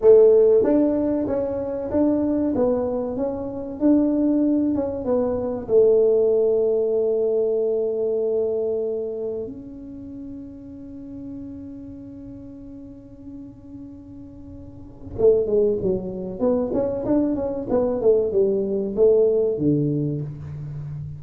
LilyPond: \new Staff \with { instrumentName = "tuba" } { \time 4/4 \tempo 4 = 95 a4 d'4 cis'4 d'4 | b4 cis'4 d'4. cis'8 | b4 a2.~ | a2. cis'4~ |
cis'1~ | cis'1 | a8 gis8 fis4 b8 cis'8 d'8 cis'8 | b8 a8 g4 a4 d4 | }